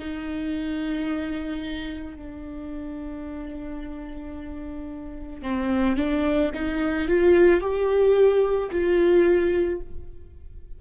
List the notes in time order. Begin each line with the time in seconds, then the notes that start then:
0.00 D#4
2.16 D4
5.43 C4
5.97 D4
6.55 D#4
7.09 F4
7.62 G4
8.72 F4